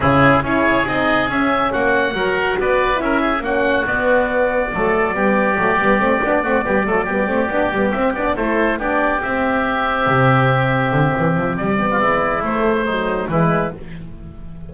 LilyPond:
<<
  \new Staff \with { instrumentName = "oboe" } { \time 4/4 \tempo 4 = 140 gis'4 cis''4 dis''4 e''4 | fis''2 d''4 e''4 | fis''4 d''2.~ | d''1~ |
d''2~ d''8 e''8 d''8 c''8~ | c''8 d''4 e''2~ e''8~ | e''2. d''4~ | d''4 c''2 b'4 | }
  \new Staff \with { instrumentName = "oboe" } { \time 4/4 e'4 gis'2. | fis'4 ais'4 b'4 ais'8 gis'8 | fis'2. a'4 | g'2. fis'8 g'8 |
a'8 g'2. a'8~ | a'8 g'2.~ g'8~ | g'2.~ g'8. f'16 | e'2 dis'4 e'4 | }
  \new Staff \with { instrumentName = "horn" } { \time 4/4 cis'4 e'4 dis'4 cis'4~ | cis'4 fis'2 e'4 | cis'4 b2 a4 | b4 a8 b8 c'8 d'8 c'8 b8 |
a8 b8 c'8 d'8 b8 c'8 d'8 e'8~ | e'8 d'4 c'2~ c'8~ | c'2.~ c'8 b8~ | b4 a4 fis4 gis4 | }
  \new Staff \with { instrumentName = "double bass" } { \time 4/4 cis4 cis'4 c'4 cis'4 | ais4 fis4 b4 cis'4 | ais4 b2 fis4 | g4 fis8 g8 a8 b8 a8 g8 |
fis8 g8 a8 b8 g8 c'8 b8 a8~ | a8 b4 c'2 c8~ | c4. d8 e8 f8 g4 | gis4 a2 e4 | }
>>